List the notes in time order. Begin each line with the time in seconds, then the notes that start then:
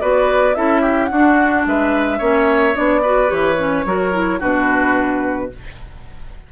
0.00 B3 F#4 B4 D5
0.54 C#4 E4 A4 E5
0.81 G4
1.06 D4 F#4 F#5
1.14 D4
1.66 G#3 B4 E5
2.18 A#3 C#4 C#5
2.74 B3 D4 D5
3.03 F#4 B4
3.28 E3 G4 C#5
3.58 C#4
3.85 F#3 F#4 A#4
4.12 E4
4.39 B2 D4 F#4 B4